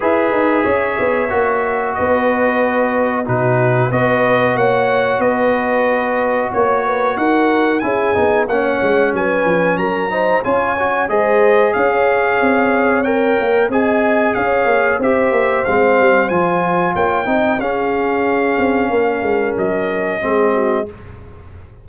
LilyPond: <<
  \new Staff \with { instrumentName = "trumpet" } { \time 4/4 \tempo 4 = 92 e''2. dis''4~ | dis''4 b'4 dis''4 fis''4 | dis''2 cis''4 fis''4 | gis''4 fis''4 gis''4 ais''4 |
gis''4 dis''4 f''2 | g''4 gis''4 f''4 e''4 | f''4 gis''4 g''4 f''4~ | f''2 dis''2 | }
  \new Staff \with { instrumentName = "horn" } { \time 4/4 b'4 cis''2 b'4~ | b'4 fis'4 b'4 cis''4 | b'2 cis''8 b'8 ais'4 | gis'4 cis''4 b'4 ais'8 c''8 |
cis''4 c''4 cis''2~ | cis''4 dis''4 cis''4 c''4~ | c''2 cis''8 dis''8 gis'4~ | gis'4 ais'2 gis'8 fis'8 | }
  \new Staff \with { instrumentName = "trombone" } { \time 4/4 gis'2 fis'2~ | fis'4 dis'4 fis'2~ | fis'1 | e'8 dis'8 cis'2~ cis'8 dis'8 |
f'8 fis'8 gis'2. | ais'4 gis'2 g'4 | c'4 f'4. dis'8 cis'4~ | cis'2. c'4 | }
  \new Staff \with { instrumentName = "tuba" } { \time 4/4 e'8 dis'8 cis'8 b8 ais4 b4~ | b4 b,4 b4 ais4 | b2 ais4 dis'4 | cis'8 b8 ais8 gis8 fis8 f8 fis4 |
cis'4 gis4 cis'4 c'4~ | c'8 ais8 c'4 cis'8 ais8 c'8 ais8 | gis8 g8 f4 ais8 c'8 cis'4~ | cis'8 c'8 ais8 gis8 fis4 gis4 | }
>>